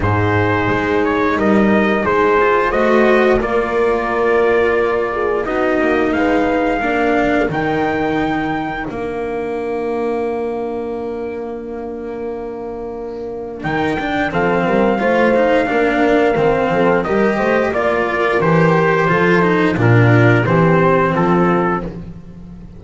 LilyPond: <<
  \new Staff \with { instrumentName = "trumpet" } { \time 4/4 \tempo 4 = 88 c''4. cis''8 dis''4 c''4 | dis''4 d''2. | dis''4 f''2 g''4~ | g''4 f''2.~ |
f''1 | g''4 f''2.~ | f''4 dis''4 d''4 c''4~ | c''4 ais'4 c''4 a'4 | }
  \new Staff \with { instrumentName = "horn" } { \time 4/4 gis'2 ais'4 gis'4 | c''4 ais'2~ ais'8 gis'8 | fis'4 b'4 ais'2~ | ais'1~ |
ais'1~ | ais'4 a'8 ais'8 c''4 ais'4~ | ais'8 a'8 ais'8 c''8 d''8 ais'4. | a'4 f'4 g'4 f'4 | }
  \new Staff \with { instrumentName = "cello" } { \time 4/4 dis'2.~ dis'8 f'8 | fis'4 f'2. | dis'2 d'4 dis'4~ | dis'4 d'2.~ |
d'1 | dis'8 d'8 c'4 f'8 dis'8 d'4 | c'4 g'4 f'4 g'4 | f'8 dis'8 d'4 c'2 | }
  \new Staff \with { instrumentName = "double bass" } { \time 4/4 gis,4 gis4 g4 gis4 | a4 ais2. | b8 ais8 gis4 ais4 dis4~ | dis4 ais2.~ |
ais1 | dis4 f8 g8 a4 ais4 | dis8 f8 g8 a8 ais4 e4 | f4 ais,4 e4 f4 | }
>>